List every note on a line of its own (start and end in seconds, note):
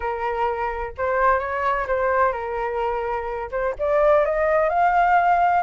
0.00 0.92 A#4
0.97 1.39 C5
1.39 1.86 C#5
1.87 2.32 C5
2.32 3.49 A#4
3.51 3.74 C5
3.78 4.25 D5
4.25 4.69 D#5
4.69 5.62 F5